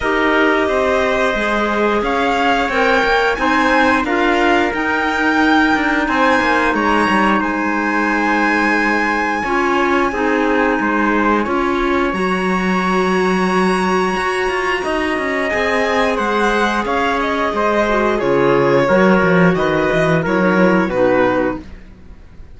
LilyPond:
<<
  \new Staff \with { instrumentName = "violin" } { \time 4/4 \tempo 4 = 89 dis''2. f''4 | g''4 gis''4 f''4 g''4~ | g''4 gis''4 ais''4 gis''4~ | gis''1~ |
gis''2 ais''2~ | ais''2. gis''4 | fis''4 f''8 dis''4. cis''4~ | cis''4 dis''4 cis''4 b'4 | }
  \new Staff \with { instrumentName = "trumpet" } { \time 4/4 ais'4 c''2 cis''4~ | cis''4 c''4 ais'2~ | ais'4 c''4 cis''4 c''4~ | c''2 cis''4 gis'4 |
c''4 cis''2.~ | cis''2 dis''2 | c''4 cis''4 c''4 gis'4 | ais'4 b'4 ais'4 fis'4 | }
  \new Staff \with { instrumentName = "clarinet" } { \time 4/4 g'2 gis'2 | ais'4 dis'4 f'4 dis'4~ | dis'1~ | dis'2 f'4 dis'4~ |
dis'4 f'4 fis'2~ | fis'2. gis'4~ | gis'2~ gis'8 fis'8 f'4 | fis'2 e'16 dis'16 e'8 dis'4 | }
  \new Staff \with { instrumentName = "cello" } { \time 4/4 dis'4 c'4 gis4 cis'4 | c'8 ais8 c'4 d'4 dis'4~ | dis'8 d'8 c'8 ais8 gis8 g8 gis4~ | gis2 cis'4 c'4 |
gis4 cis'4 fis2~ | fis4 fis'8 f'8 dis'8 cis'8 c'4 | gis4 cis'4 gis4 cis4 | fis8 f8 dis8 e8 fis4 b,4 | }
>>